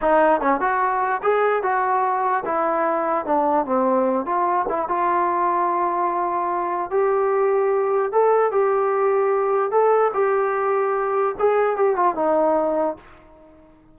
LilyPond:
\new Staff \with { instrumentName = "trombone" } { \time 4/4 \tempo 4 = 148 dis'4 cis'8 fis'4. gis'4 | fis'2 e'2 | d'4 c'4. f'4 e'8 | f'1~ |
f'4 g'2. | a'4 g'2. | a'4 g'2. | gis'4 g'8 f'8 dis'2 | }